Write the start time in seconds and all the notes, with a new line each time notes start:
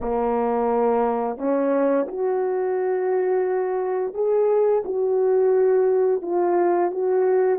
0.00 A#3
1.37 C#4
2.08 F#4
4.14 G#4
4.84 F#4
6.22 F4
6.91 F#4